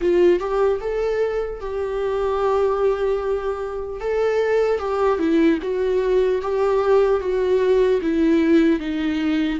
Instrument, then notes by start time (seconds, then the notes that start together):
viola
0.01 F4
0.39 G4
0.80 A4
1.60 G4
4.00 A4
4.79 G4
5.18 E4
5.62 F#4
6.41 G4
7.20 F#4
8.01 E4
8.79 D#4